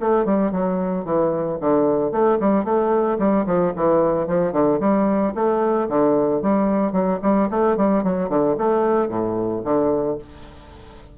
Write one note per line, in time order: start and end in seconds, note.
0.00 0.25 A3
0.25 0.52 G3
0.52 1.05 F#3
1.05 1.58 E3
1.60 2.12 D3
2.12 2.38 A3
2.40 2.64 G3
2.64 3.18 A3
3.19 3.46 G3
3.46 3.73 F3
3.76 4.27 E3
4.27 4.52 F3
4.52 4.79 D3
4.80 5.34 G3
5.35 5.88 A3
5.89 6.42 D3
6.42 6.92 G3
6.92 7.19 F#3
7.22 7.49 G3
7.50 7.77 A3
7.77 8.03 G3
8.04 8.29 F#3
8.29 8.56 D3
8.58 9.09 A3
9.09 9.63 A2
9.65 10.18 D3